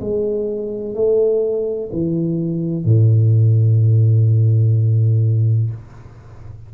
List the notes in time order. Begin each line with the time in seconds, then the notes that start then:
0.00 G#3
0.94 A3
1.92 E3
2.84 A2